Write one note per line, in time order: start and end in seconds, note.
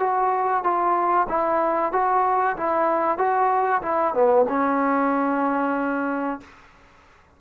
0.00 0.64 F#4
0.64 1.28 F4
1.29 1.93 E4
1.93 2.57 F#4
2.57 3.19 E4
3.19 3.82 F#4
3.82 4.14 E4
4.14 4.46 B3
4.49 6.41 C#4